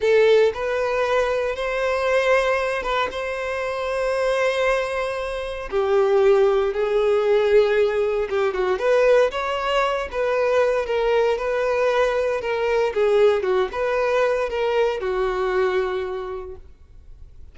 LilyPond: \new Staff \with { instrumentName = "violin" } { \time 4/4 \tempo 4 = 116 a'4 b'2 c''4~ | c''4. b'8 c''2~ | c''2. g'4~ | g'4 gis'2. |
g'8 fis'8 b'4 cis''4. b'8~ | b'4 ais'4 b'2 | ais'4 gis'4 fis'8 b'4. | ais'4 fis'2. | }